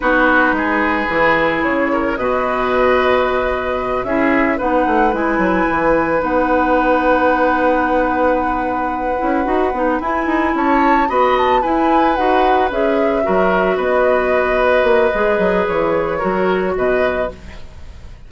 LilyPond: <<
  \new Staff \with { instrumentName = "flute" } { \time 4/4 \tempo 4 = 111 b'2. cis''4 | dis''2.~ dis''8 e''8~ | e''8 fis''4 gis''2 fis''8~ | fis''1~ |
fis''2~ fis''8 gis''4 a''8~ | a''8 b''8 a''8 gis''4 fis''4 e''8~ | e''4. dis''2~ dis''8~ | dis''4 cis''2 dis''4 | }
  \new Staff \with { instrumentName = "oboe" } { \time 4/4 fis'4 gis'2~ gis'8 ais'8 | b'2.~ b'8 gis'8~ | gis'8 b'2.~ b'8~ | b'1~ |
b'2.~ b'8 cis''8~ | cis''8 dis''4 b'2~ b'8~ | b'8 ais'4 b'2~ b'8~ | b'2 ais'4 b'4 | }
  \new Staff \with { instrumentName = "clarinet" } { \time 4/4 dis'2 e'2 | fis'2.~ fis'8 e'8~ | e'8 dis'4 e'2 dis'8~ | dis'1~ |
dis'4 e'8 fis'8 dis'8 e'4.~ | e'8 fis'4 e'4 fis'4 gis'8~ | gis'8 fis'2.~ fis'8 | gis'2 fis'2 | }
  \new Staff \with { instrumentName = "bassoon" } { \time 4/4 b4 gis4 e4 cis4 | b,2.~ b,8 cis'8~ | cis'8 b8 a8 gis8 fis8 e4 b8~ | b1~ |
b4 cis'8 dis'8 b8 e'8 dis'8 cis'8~ | cis'8 b4 e'4 dis'4 cis'8~ | cis'8 fis4 b2 ais8 | gis8 fis8 e4 fis4 b,4 | }
>>